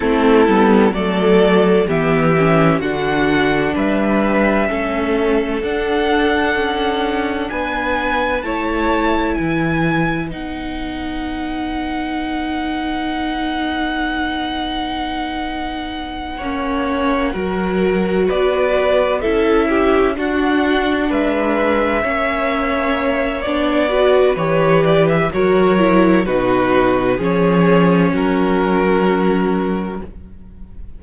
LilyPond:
<<
  \new Staff \with { instrumentName = "violin" } { \time 4/4 \tempo 4 = 64 a'4 d''4 e''4 fis''4 | e''2 fis''2 | gis''4 a''4 gis''4 fis''4~ | fis''1~ |
fis''2.~ fis''8 d''8~ | d''8 e''4 fis''4 e''4.~ | e''4 d''4 cis''8 d''16 e''16 cis''4 | b'4 cis''4 ais'2 | }
  \new Staff \with { instrumentName = "violin" } { \time 4/4 e'4 a'4 g'4 fis'4 | b'4 a'2. | b'4 cis''4 b'2~ | b'1~ |
b'4. cis''4 ais'4 b'8~ | b'8 a'8 g'8 fis'4 b'4 cis''8~ | cis''4. b'4. ais'4 | fis'4 gis'4 fis'2 | }
  \new Staff \with { instrumentName = "viola" } { \time 4/4 c'8 b8 a4 b8 cis'8 d'4~ | d'4 cis'4 d'2~ | d'4 e'2 dis'4~ | dis'1~ |
dis'4. cis'4 fis'4.~ | fis'8 e'4 d'2 cis'8~ | cis'4 d'8 fis'8 g'4 fis'8 e'8 | dis'4 cis'2. | }
  \new Staff \with { instrumentName = "cello" } { \time 4/4 a8 g8 fis4 e4 d4 | g4 a4 d'4 cis'4 | b4 a4 e4 b4~ | b1~ |
b4. ais4 fis4 b8~ | b8 cis'4 d'4 gis4 ais8~ | ais4 b4 e4 fis4 | b,4 f4 fis2 | }
>>